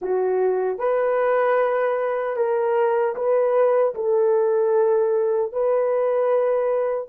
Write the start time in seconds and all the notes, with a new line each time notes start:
0.01 F#4
0.78 B4
2.36 A#4
3.15 B4
3.95 A4
5.52 B4